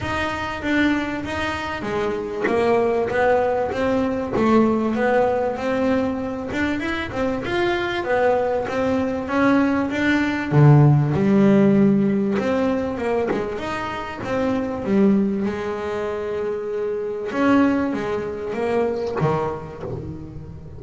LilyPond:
\new Staff \with { instrumentName = "double bass" } { \time 4/4 \tempo 4 = 97 dis'4 d'4 dis'4 gis4 | ais4 b4 c'4 a4 | b4 c'4. d'8 e'8 c'8 | f'4 b4 c'4 cis'4 |
d'4 d4 g2 | c'4 ais8 gis8 dis'4 c'4 | g4 gis2. | cis'4 gis4 ais4 dis4 | }